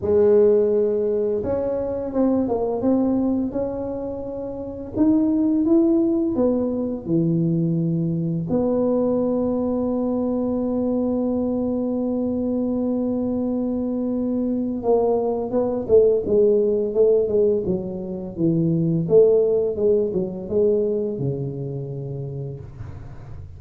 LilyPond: \new Staff \with { instrumentName = "tuba" } { \time 4/4 \tempo 4 = 85 gis2 cis'4 c'8 ais8 | c'4 cis'2 dis'4 | e'4 b4 e2 | b1~ |
b1~ | b4 ais4 b8 a8 gis4 | a8 gis8 fis4 e4 a4 | gis8 fis8 gis4 cis2 | }